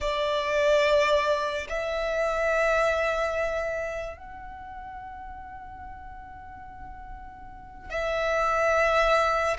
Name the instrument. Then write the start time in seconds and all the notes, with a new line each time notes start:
violin
0.00 D5
1.69 E5
4.17 F#5
7.89 E5